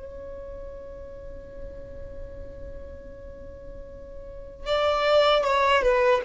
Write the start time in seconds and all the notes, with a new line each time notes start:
0.00 C#5
4.67 D5
5.45 C#5
5.83 B4